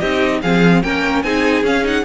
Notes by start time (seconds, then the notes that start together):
0.00 C4 D#4 G4 D#5
0.42 F3 C4 G#4 F5
0.83 A#3 C#4 A#4 G5
1.23 C4 D#4 G#4 G#5
1.64 C#4 F5
1.83 D#4 F#5